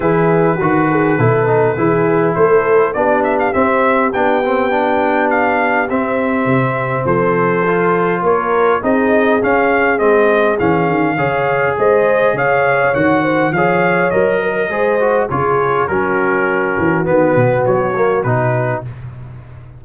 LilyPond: <<
  \new Staff \with { instrumentName = "trumpet" } { \time 4/4 \tempo 4 = 102 b'1 | c''4 d''8 e''16 f''16 e''4 g''4~ | g''4 f''4 e''2 | c''2 cis''4 dis''4 |
f''4 dis''4 f''2 | dis''4 f''4 fis''4 f''4 | dis''2 cis''4 ais'4~ | ais'4 b'4 cis''4 b'4 | }
  \new Staff \with { instrumentName = "horn" } { \time 4/4 gis'4 fis'8 gis'8 a'4 gis'4 | a'4 g'2.~ | g'1 | a'2 ais'4 gis'4~ |
gis'2. cis''4 | c''4 cis''4. c''8 cis''4~ | cis''8 ais'8 c''4 gis'4 fis'4~ | fis'1 | }
  \new Staff \with { instrumentName = "trombone" } { \time 4/4 e'4 fis'4 e'8 dis'8 e'4~ | e'4 d'4 c'4 d'8 c'8 | d'2 c'2~ | c'4 f'2 dis'4 |
cis'4 c'4 cis'4 gis'4~ | gis'2 fis'4 gis'4 | ais'4 gis'8 fis'8 f'4 cis'4~ | cis'4 b4. ais8 dis'4 | }
  \new Staff \with { instrumentName = "tuba" } { \time 4/4 e4 dis4 b,4 e4 | a4 b4 c'4 b4~ | b2 c'4 c4 | f2 ais4 c'4 |
cis'4 gis4 e8 dis8 cis4 | gis4 cis4 dis4 f4 | fis4 gis4 cis4 fis4~ | fis8 e8 dis8 b,8 fis4 b,4 | }
>>